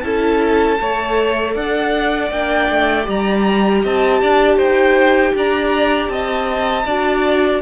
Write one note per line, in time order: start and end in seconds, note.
0.00 0.79 C#4
0.00 0.79 E4
0.00 0.81 A4
0.00 1.52 A5
0.79 1.56 A3
0.79 2.31 A4
0.79 1.54 C#5
1.54 2.31 D4
1.54 3.82 D5
1.54 2.31 F#5
2.31 2.69 A#3
2.31 3.03 D4
2.31 3.07 G5
2.69 3.07 A3
3.03 3.84 G3
3.03 6.83 G4
3.10 3.86 A#5
3.83 4.22 C4
3.83 4.21 D#5
3.83 4.58 A5
4.22 4.57 D4
4.22 4.56 D5
4.56 5.33 D#4
4.56 5.32 C5
4.56 5.34 G5
5.35 6.09 D4
5.35 6.12 D5
5.35 6.09 A#5
6.09 6.85 C4
6.09 6.86 D#5
6.09 7.61 A5
6.85 7.61 D4
6.85 7.62 F#4
6.85 7.62 D5